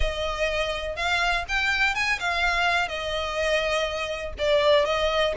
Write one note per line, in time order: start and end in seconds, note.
0.00 0.96 D#5
0.96 1.44 F5
1.48 1.94 G5
1.94 2.19 G#5
2.19 2.88 F5
2.88 4.33 D#5
4.38 4.85 D5
4.85 5.33 D#5